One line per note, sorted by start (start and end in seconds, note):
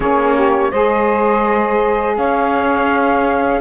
0.00 0.71 A#3
0.00 0.71 C#4
0.00 0.35 G#4
0.00 0.71 C#5
0.35 0.71 G4
0.71 2.17 G#3
0.71 3.61 G#4
0.71 2.16 C5
0.71 2.16 D#5
2.17 3.61 C#4
2.17 3.61 C#5
2.17 3.61 F5